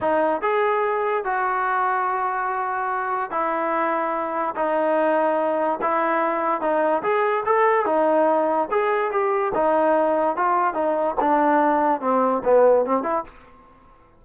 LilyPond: \new Staff \with { instrumentName = "trombone" } { \time 4/4 \tempo 4 = 145 dis'4 gis'2 fis'4~ | fis'1 | e'2. dis'4~ | dis'2 e'2 |
dis'4 gis'4 a'4 dis'4~ | dis'4 gis'4 g'4 dis'4~ | dis'4 f'4 dis'4 d'4~ | d'4 c'4 b4 c'8 e'8 | }